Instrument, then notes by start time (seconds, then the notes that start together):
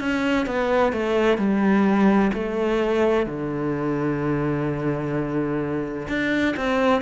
cello
0.00 C#4
0.46 B3
0.92 A3
1.38 G3
2.34 A3
3.26 D3
6.09 D4
6.57 C4